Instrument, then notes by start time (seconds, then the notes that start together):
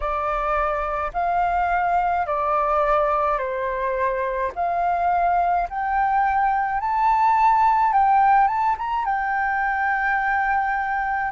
flute
0.00 D5
1.13 F5
2.26 D5
3.38 C5
4.55 F5
5.69 G5
6.80 A5
7.92 G5
8.47 A5
8.77 A#5
9.05 G5